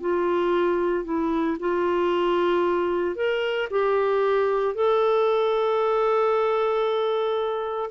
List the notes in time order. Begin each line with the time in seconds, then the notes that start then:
0.00 F4
1.04 E4
1.59 F4
3.15 A#4
3.70 G4
4.75 A4